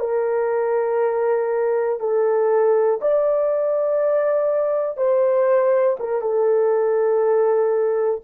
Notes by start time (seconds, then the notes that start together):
0.00 A#4
2.00 A4
3.01 D5
4.97 C5
6.00 A#4
6.21 A4